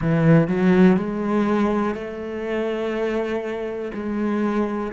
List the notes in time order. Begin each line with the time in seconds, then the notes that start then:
0.01 E3
0.47 F#3
0.97 G#3
1.94 A3
3.93 G#3